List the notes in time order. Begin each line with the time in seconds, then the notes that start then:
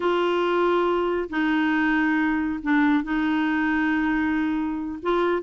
0.00 F4
1.29 D#4
2.62 D4
3.03 D#4
5.02 F4